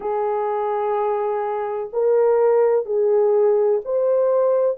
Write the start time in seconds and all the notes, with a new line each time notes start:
0.00 G#4
1.92 A#4
2.85 G#4
3.84 C5